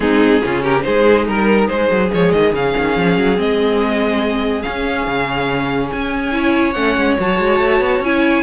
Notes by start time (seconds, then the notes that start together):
0.00 G#3 C4 D#4 G#4
0.43 C#3 C#4 F4
0.62 G4 A#4
0.81 G#3 D#4 G#4 C5
1.27 G3 A#4
1.67 G#3 G#4 C5
1.90 F#3
2.12 F3 G#3 C#5
2.31 D#3 D#5
2.52 C#3 C#4 F5
2.77 D#3
2.96 F3
3.17 F#3
3.36 G#3 C4 D#5
4.61 C#4 F5
5.06 C#3
5.92 C#4 G#5
6.31 E4 C#5
6.72 A3 C#4 F#5
6.96 G#3
7.19 F#3 F#4 A5
7.39 G#3
7.59 A3
7.80 B3
7.99 C#4 E4 G#5